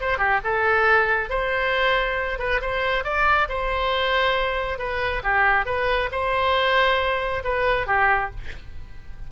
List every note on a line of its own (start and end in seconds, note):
0.00 0.18 C5
0.18 0.40 G4
0.44 1.30 A4
1.30 2.39 C5
2.39 2.61 B4
2.61 3.04 C5
3.04 3.48 D5
3.49 4.78 C5
4.78 5.22 B4
5.23 5.66 G4
5.66 6.09 B4
6.12 7.43 C5
7.44 7.87 B4
7.87 8.30 G4